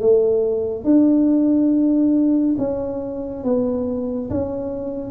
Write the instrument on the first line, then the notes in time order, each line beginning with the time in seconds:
tuba
0.00 A3
0.84 D4
2.58 C#4
3.44 B3
4.30 C#4